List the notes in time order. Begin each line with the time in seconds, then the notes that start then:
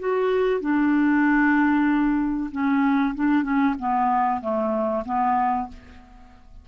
0.00 F#4
0.61 D4
2.52 C#4
3.16 D4
3.44 C#4
3.79 B3
4.41 A3
5.06 B3